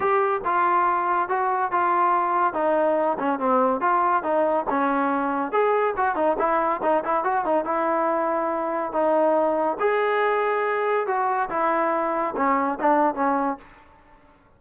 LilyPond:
\new Staff \with { instrumentName = "trombone" } { \time 4/4 \tempo 4 = 141 g'4 f'2 fis'4 | f'2 dis'4. cis'8 | c'4 f'4 dis'4 cis'4~ | cis'4 gis'4 fis'8 dis'8 e'4 |
dis'8 e'8 fis'8 dis'8 e'2~ | e'4 dis'2 gis'4~ | gis'2 fis'4 e'4~ | e'4 cis'4 d'4 cis'4 | }